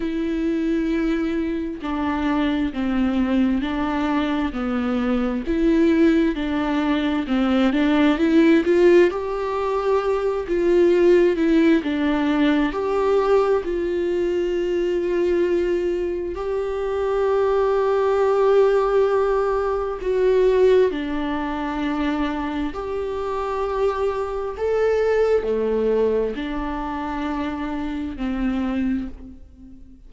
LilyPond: \new Staff \with { instrumentName = "viola" } { \time 4/4 \tempo 4 = 66 e'2 d'4 c'4 | d'4 b4 e'4 d'4 | c'8 d'8 e'8 f'8 g'4. f'8~ | f'8 e'8 d'4 g'4 f'4~ |
f'2 g'2~ | g'2 fis'4 d'4~ | d'4 g'2 a'4 | a4 d'2 c'4 | }